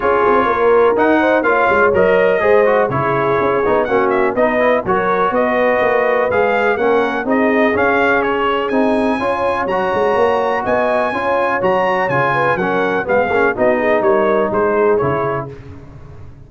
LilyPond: <<
  \new Staff \with { instrumentName = "trumpet" } { \time 4/4 \tempo 4 = 124 cis''2 fis''4 f''4 | dis''2 cis''2 | fis''8 e''8 dis''4 cis''4 dis''4~ | dis''4 f''4 fis''4 dis''4 |
f''4 cis''4 gis''2 | ais''2 gis''2 | ais''4 gis''4 fis''4 f''4 | dis''4 cis''4 c''4 cis''4 | }
  \new Staff \with { instrumentName = "horn" } { \time 4/4 gis'4 ais'4. c''8 cis''4~ | cis''4 c''4 gis'2 | fis'4 b'4 ais'4 b'4~ | b'2 ais'4 gis'4~ |
gis'2. cis''4~ | cis''2 dis''4 cis''4~ | cis''4. b'8 ais'4 gis'4 | fis'8 gis'8 ais'4 gis'2 | }
  \new Staff \with { instrumentName = "trombone" } { \time 4/4 f'2 dis'4 f'4 | ais'4 gis'8 fis'8 e'4. dis'8 | cis'4 dis'8 e'8 fis'2~ | fis'4 gis'4 cis'4 dis'4 |
cis'2 dis'4 f'4 | fis'2. f'4 | fis'4 f'4 cis'4 b8 cis'8 | dis'2. e'4 | }
  \new Staff \with { instrumentName = "tuba" } { \time 4/4 cis'8 c'8 ais4 dis'4 ais8 gis8 | fis4 gis4 cis4 cis'8 b8 | ais4 b4 fis4 b4 | ais4 gis4 ais4 c'4 |
cis'2 c'4 cis'4 | fis8 gis8 ais4 b4 cis'4 | fis4 cis4 fis4 gis8 ais8 | b4 g4 gis4 cis4 | }
>>